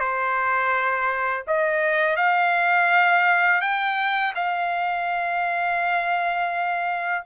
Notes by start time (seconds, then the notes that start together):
0.00 C5
1.48 D#5
2.17 F5
3.62 G5
4.36 F5